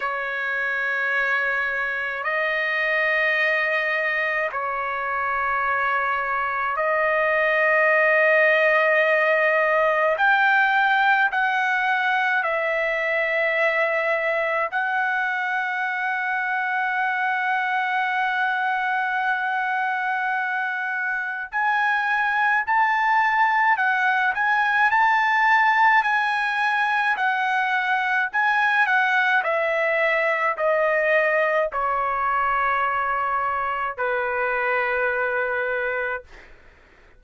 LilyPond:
\new Staff \with { instrumentName = "trumpet" } { \time 4/4 \tempo 4 = 53 cis''2 dis''2 | cis''2 dis''2~ | dis''4 g''4 fis''4 e''4~ | e''4 fis''2.~ |
fis''2. gis''4 | a''4 fis''8 gis''8 a''4 gis''4 | fis''4 gis''8 fis''8 e''4 dis''4 | cis''2 b'2 | }